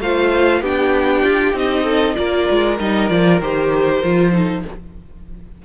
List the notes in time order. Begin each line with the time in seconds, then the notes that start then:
0.00 A3 F4 C5 F5
0.61 B3 D4 G4 G5
1.23 F4
1.54 C4 D#4 D#5
1.84 A4
2.15 A#3 F4 A#4 D5
2.51 G#3
2.79 G3 D#4 D#5
3.10 F3 F4 D5
3.40 D#3 G4 C5
4.03 F3 F4
4.32 D#4 A4